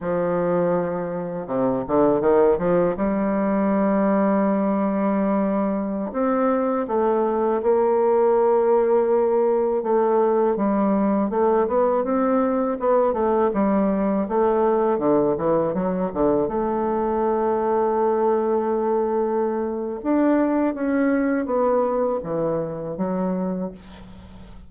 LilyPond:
\new Staff \with { instrumentName = "bassoon" } { \time 4/4 \tempo 4 = 81 f2 c8 d8 dis8 f8 | g1~ | g16 c'4 a4 ais4.~ ais16~ | ais4~ ais16 a4 g4 a8 b16~ |
b16 c'4 b8 a8 g4 a8.~ | a16 d8 e8 fis8 d8 a4.~ a16~ | a2. d'4 | cis'4 b4 e4 fis4 | }